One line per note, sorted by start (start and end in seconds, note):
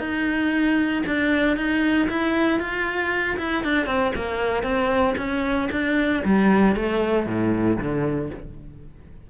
0.00 1.03 D#4
1.07 1.57 D4
1.57 2.09 D#4
2.10 2.60 E4
2.60 3.38 F4
3.39 3.64 E4
3.64 3.87 D4
3.87 4.13 C4
4.16 4.63 A#3
4.63 5.15 C4
5.18 5.69 C#4
5.72 6.24 D4
6.25 6.76 G3
6.76 7.27 A3
7.27 7.78 A2
7.79 8.31 D3